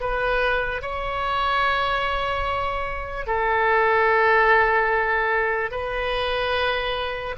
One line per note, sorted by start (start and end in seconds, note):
0.00 0.82 B4
0.82 3.27 C#5
3.27 5.71 A4
5.71 7.35 B4